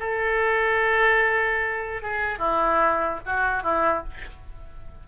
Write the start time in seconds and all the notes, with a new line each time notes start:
0.00 A4
2.02 G#4
2.39 E4
3.26 F#4
3.63 E4